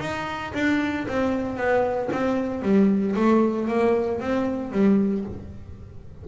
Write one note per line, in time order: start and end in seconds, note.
0.00 0.53 D#4
0.54 1.07 D4
1.08 1.57 C4
1.57 2.10 B3
2.12 2.63 C4
2.63 3.15 G3
3.16 3.68 A3
3.68 4.21 A#3
4.21 4.72 C4
4.72 5.25 G3